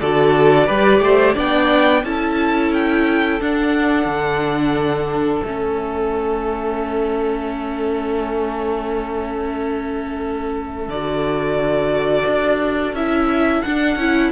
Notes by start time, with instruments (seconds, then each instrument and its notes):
0.00 cello D3, viola F#4, violin A4 D5
0.66 cello G3, viola G4, violin B4
1.00 cello A3, violin C5
1.34 cello B3, viola D4, violin D5 G5
2.03 cello C#4, viola E4, violin A4 A5
2.73 violin G5
3.40 viola D4, cello D4, violin F#5
4.05 cello D3
5.44 cello A3, viola C#4, violin E5
10.88 cello D3, viola F#4, violin D5
12.26 cello D4
12.93 cello C#4, viola E4, violin E5
13.62 viola D4, cello D4, violin F#5
13.96 cello C#4, viola E4